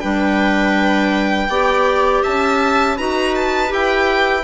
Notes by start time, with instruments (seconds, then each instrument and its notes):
0.00 bassoon G3, clarinet D4, viola B4, violin G5
1.48 bassoon B3, clarinet G4, viola D5
2.23 bassoon C#4, viola E5, violin A5
2.96 bassoon D#4, clarinet F#4, viola B4, violin A#5
3.35 violin A5
3.68 bassoon E4, clarinet G4, violin G5